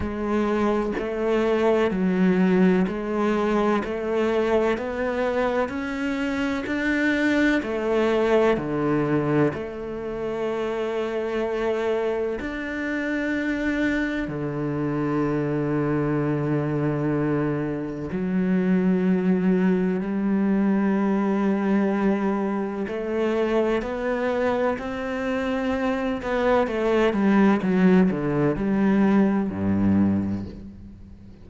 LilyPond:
\new Staff \with { instrumentName = "cello" } { \time 4/4 \tempo 4 = 63 gis4 a4 fis4 gis4 | a4 b4 cis'4 d'4 | a4 d4 a2~ | a4 d'2 d4~ |
d2. fis4~ | fis4 g2. | a4 b4 c'4. b8 | a8 g8 fis8 d8 g4 g,4 | }